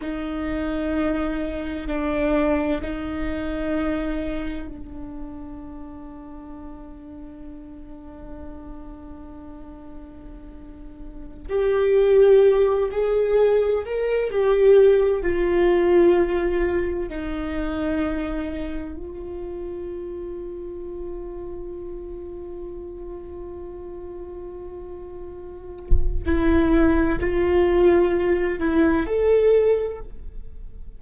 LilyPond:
\new Staff \with { instrumentName = "viola" } { \time 4/4 \tempo 4 = 64 dis'2 d'4 dis'4~ | dis'4 d'2.~ | d'1~ | d'16 g'4. gis'4 ais'8 g'8.~ |
g'16 f'2 dis'4.~ dis'16~ | dis'16 f'2.~ f'8.~ | f'1 | e'4 f'4. e'8 a'4 | }